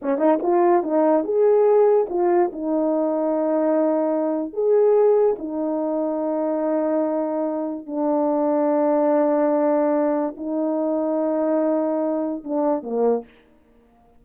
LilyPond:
\new Staff \with { instrumentName = "horn" } { \time 4/4 \tempo 4 = 145 cis'8 dis'8 f'4 dis'4 gis'4~ | gis'4 f'4 dis'2~ | dis'2. gis'4~ | gis'4 dis'2.~ |
dis'2. d'4~ | d'1~ | d'4 dis'2.~ | dis'2 d'4 ais4 | }